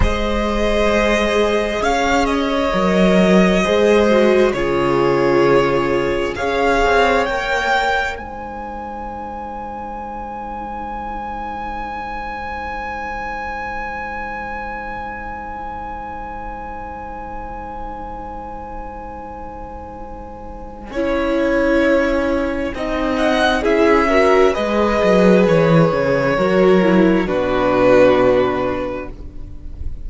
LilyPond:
<<
  \new Staff \with { instrumentName = "violin" } { \time 4/4 \tempo 4 = 66 dis''2 f''8 dis''4.~ | dis''4 cis''2 f''4 | g''4 gis''2.~ | gis''1~ |
gis''1~ | gis''1~ | gis''4. fis''8 e''4 dis''4 | cis''2 b'2 | }
  \new Staff \with { instrumentName = "violin" } { \time 4/4 c''2 cis''2 | c''4 gis'2 cis''4~ | cis''4 c''2.~ | c''1~ |
c''1~ | c''2. cis''4~ | cis''4 dis''4 gis'8 ais'8 b'4~ | b'4 ais'4 fis'2 | }
  \new Staff \with { instrumentName = "viola" } { \time 4/4 gis'2. ais'4 | gis'8 fis'8 f'2 gis'4 | ais'4 dis'2.~ | dis'1~ |
dis'1~ | dis'2. e'4~ | e'4 dis'4 e'8 fis'8 gis'4~ | gis'4 fis'8 e'8 d'2 | }
  \new Staff \with { instrumentName = "cello" } { \time 4/4 gis2 cis'4 fis4 | gis4 cis2 cis'8 c'8 | ais4 gis2.~ | gis1~ |
gis1~ | gis2. cis'4~ | cis'4 c'4 cis'4 gis8 fis8 | e8 cis8 fis4 b,2 | }
>>